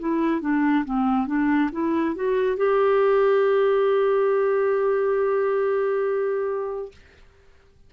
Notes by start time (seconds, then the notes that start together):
0.00 E4
0.41 D4
0.85 C4
1.27 D4
1.72 E4
2.15 F#4
2.57 G4